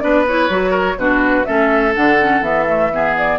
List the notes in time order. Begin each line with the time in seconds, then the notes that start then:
0.00 B3 D4 B4 D5
0.28 E4 C#5
0.49 F#3 F#4
0.71 A#4
0.97 B2 D4 F#4 B4
1.45 A3 C#4 A4 E5
1.95 D3 D4 F#5
2.21 C#4
2.41 E3 B3 E5
2.67 A3
2.94 B3 G#4
3.18 D5